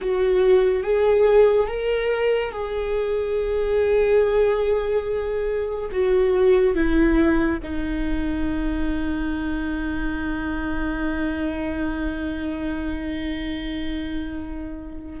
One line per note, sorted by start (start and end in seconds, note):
0.01 0.83 F#4
0.83 1.67 G#4
1.67 2.51 A#4
2.51 5.89 G#4
5.91 6.75 F#4
6.75 7.59 E4
7.62 15.20 D#4